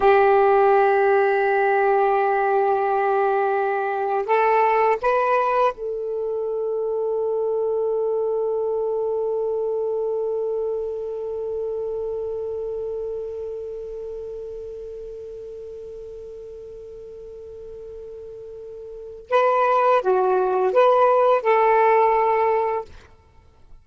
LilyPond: \new Staff \with { instrumentName = "saxophone" } { \time 4/4 \tempo 4 = 84 g'1~ | g'2 a'4 b'4 | a'1~ | a'1~ |
a'1~ | a'1~ | a'2. b'4 | fis'4 b'4 a'2 | }